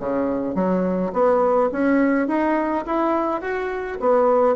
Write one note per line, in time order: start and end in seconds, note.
0.00 0.55 C#3
0.55 1.12 F#3
1.13 1.70 B3
1.72 2.28 C#4
2.28 2.85 D#4
2.86 3.41 E4
3.41 3.98 F#4
4.00 4.56 B3